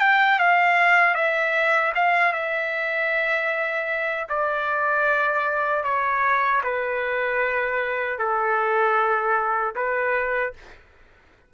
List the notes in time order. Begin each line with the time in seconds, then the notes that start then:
0.00 G5
0.39 F5
1.14 E5
1.95 F5
2.33 E5
4.29 D5
5.84 C#5
6.63 B4
8.19 A4
9.75 B4